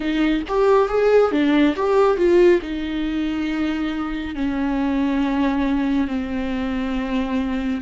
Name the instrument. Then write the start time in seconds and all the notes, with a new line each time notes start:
viola
0.00 D#4
0.48 G4
0.88 G#4
1.31 D4
1.75 G4
2.17 F4
2.61 D#4
4.35 C#4
6.07 C4